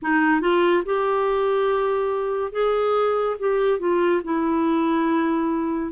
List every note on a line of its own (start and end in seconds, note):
0.02 0.40 D#4
0.40 0.83 F4
0.85 2.51 G4
2.51 3.36 G#4
3.39 3.79 G4
3.79 4.21 F4
4.24 5.92 E4